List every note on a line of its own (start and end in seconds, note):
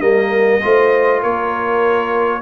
0.00 0.60 G3
0.00 0.60 A#3
0.00 0.62 A#4
0.00 1.21 D#5
0.61 1.23 A3
0.61 2.41 F4
0.61 1.21 C5
1.21 2.42 A#3
1.21 2.41 A#4
1.21 2.42 C#5